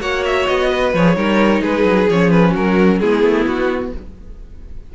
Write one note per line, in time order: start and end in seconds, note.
0.00 0.46 A#3
0.00 0.93 F#4
0.00 0.69 C#5
0.00 0.24 F#5
0.25 0.47 E5
0.47 0.93 B3
0.47 0.93 D#5
0.69 1.15 B4
0.93 1.15 F3
0.93 1.16 G#4
0.93 1.62 C#5
1.15 1.61 G3
1.15 2.08 D#4
1.15 1.61 A#4
1.61 1.84 G#3
1.61 2.50 G#4
1.61 2.09 B4
1.84 2.07 F#3
2.09 2.55 F3
2.09 3.02 C#4
2.09 2.30 C#5
2.30 2.53 B4
2.50 3.01 F#3
2.50 2.96 F#4
2.50 2.99 A#4
2.99 3.23 G#3
2.99 3.95 B3
2.99 3.93 E4
2.99 3.45 G#4
3.23 3.45 A3
3.45 3.92 B3
3.45 3.92 F#4